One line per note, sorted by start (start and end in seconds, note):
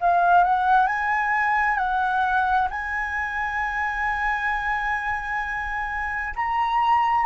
0.00 0.44 F5
0.44 0.87 F#5
0.87 1.77 G#5
1.77 2.68 F#5
2.70 6.33 G#5
6.36 7.25 A#5